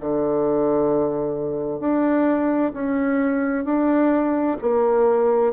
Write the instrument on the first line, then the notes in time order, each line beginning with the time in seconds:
bassoon
0.00 D3
1.80 D4
2.73 C#4
3.64 D4
4.61 A#3